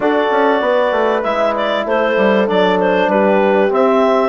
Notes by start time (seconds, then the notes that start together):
0.00 D4 F#4 A4 D5
0.31 C#4
0.61 B3 B4
0.91 A3
1.23 G#3 E4 E5
1.55 D5
1.85 A3 A4 C5
2.16 G3
2.46 F#3 D4 D5
2.79 C5
3.07 G3 G4 B4
3.69 C4 E5